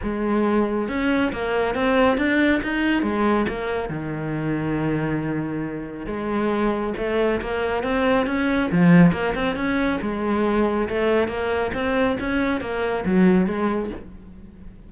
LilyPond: \new Staff \with { instrumentName = "cello" } { \time 4/4 \tempo 4 = 138 gis2 cis'4 ais4 | c'4 d'4 dis'4 gis4 | ais4 dis2.~ | dis2 gis2 |
a4 ais4 c'4 cis'4 | f4 ais8 c'8 cis'4 gis4~ | gis4 a4 ais4 c'4 | cis'4 ais4 fis4 gis4 | }